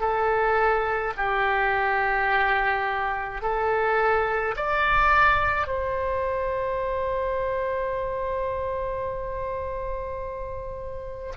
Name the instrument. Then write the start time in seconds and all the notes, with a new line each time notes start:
oboe
0.00 A4
1.17 G4
3.42 A4
4.56 D5
5.67 C5